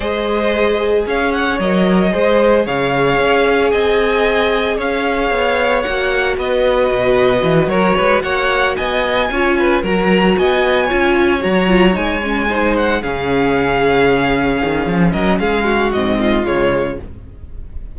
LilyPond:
<<
  \new Staff \with { instrumentName = "violin" } { \time 4/4 \tempo 4 = 113 dis''2 f''8 fis''8 dis''4~ | dis''4 f''2 gis''4~ | gis''4 f''2 fis''4 | dis''2~ dis''8 cis''4 fis''8~ |
fis''8 gis''2 ais''4 gis''8~ | gis''4. ais''4 gis''4. | fis''8 f''2.~ f''8~ | f''8 dis''8 f''4 dis''4 cis''4 | }
  \new Staff \with { instrumentName = "violin" } { \time 4/4 c''2 cis''2 | c''4 cis''2 dis''4~ | dis''4 cis''2. | b'2~ b'8 ais'8 b'8 cis''8~ |
cis''8 dis''4 cis''8 b'8 ais'4 dis''8~ | dis''8 cis''2. c''8~ | c''8 gis'2.~ gis'8~ | gis'8 ais'8 gis'8 fis'4 f'4. | }
  \new Staff \with { instrumentName = "viola" } { \time 4/4 gis'2. ais'4 | gis'1~ | gis'2. fis'4~ | fis'1~ |
fis'4. f'4 fis'4.~ | fis'8 f'4 fis'8 f'8 dis'8 cis'8 dis'8~ | dis'8 cis'2.~ cis'8~ | cis'2 c'4 gis4 | }
  \new Staff \with { instrumentName = "cello" } { \time 4/4 gis2 cis'4 fis4 | gis4 cis4 cis'4 c'4~ | c'4 cis'4 b4 ais4 | b4 b,4 e8 fis8 gis8 ais8~ |
ais8 b4 cis'4 fis4 b8~ | b8 cis'4 fis4 gis4.~ | gis8 cis2. dis8 | f8 fis8 gis4 gis,4 cis4 | }
>>